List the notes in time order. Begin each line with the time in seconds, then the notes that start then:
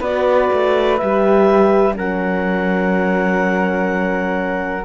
0.00 B3 F#4 B4 D5
0.53 A3
0.98 G3 G4 E5
1.93 F#3 C#4 A#4 F#5